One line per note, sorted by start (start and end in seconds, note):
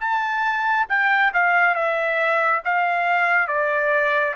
0.00 0.87 A5
0.89 1.32 G5
1.34 1.75 F5
1.75 2.62 E5
2.65 3.47 F5
3.47 4.34 D5